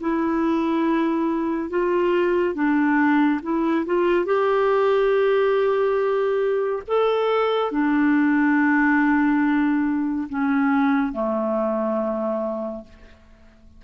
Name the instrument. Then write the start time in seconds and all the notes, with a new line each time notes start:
clarinet
0.00 E4
1.70 F4
2.54 D4
3.42 E4
3.86 F4
4.25 G4
6.87 A4
7.71 D4
10.29 C#4
11.13 A3